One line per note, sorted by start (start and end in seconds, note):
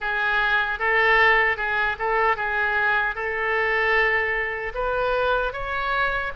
0.00 0.79 G#4
0.79 1.56 A4
1.56 1.96 G#4
1.98 2.36 A4
2.36 3.15 G#4
3.15 4.73 A4
4.74 5.53 B4
5.53 6.32 C#5